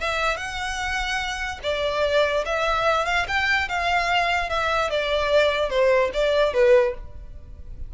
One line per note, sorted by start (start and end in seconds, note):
0.00 0.37 E5
0.37 1.59 F#5
1.63 2.44 D5
2.45 3.05 E5
3.05 3.26 F5
3.28 3.68 G5
3.68 4.49 F5
4.49 4.90 E5
4.90 5.70 D5
5.70 6.11 C5
6.13 6.53 D5
6.53 6.94 B4